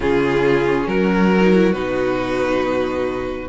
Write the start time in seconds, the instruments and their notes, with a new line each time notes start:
0.00 cello C#3, viola C#4, violin F4 G#4
0.87 cello F#3, violin F#4 A#4
1.41 viola D#4
1.53 viola E4
1.72 cello B2, viola D#4, violin B4